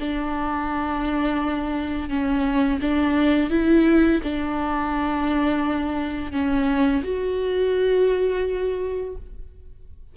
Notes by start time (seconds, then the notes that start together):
0.00 D4
2.10 C#4
2.81 D4
3.50 E4
4.23 D4
6.32 C#4
7.04 F#4